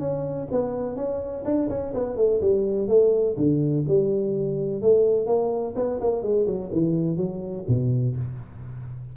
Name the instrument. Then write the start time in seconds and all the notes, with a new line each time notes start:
tuba
0.00 C#4
0.52 B3
0.97 C#4
1.45 D4
1.70 C#4
1.94 B3
2.17 A3
2.41 G3
2.89 A3
3.37 D3
3.88 G3
4.82 A3
5.27 A#3
5.76 B3
6.01 A#3
6.23 G#3
6.47 F#3
6.73 E3
7.17 F#3
7.68 B2